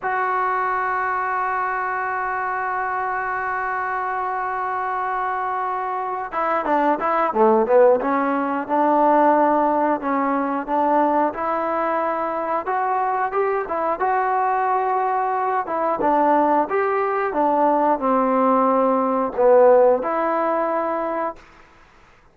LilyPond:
\new Staff \with { instrumentName = "trombone" } { \time 4/4 \tempo 4 = 90 fis'1~ | fis'1~ | fis'4. e'8 d'8 e'8 a8 b8 | cis'4 d'2 cis'4 |
d'4 e'2 fis'4 | g'8 e'8 fis'2~ fis'8 e'8 | d'4 g'4 d'4 c'4~ | c'4 b4 e'2 | }